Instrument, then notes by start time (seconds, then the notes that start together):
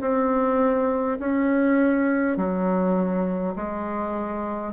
bassoon
0.00 C4
1.19 C#4
2.37 F#3
3.55 G#3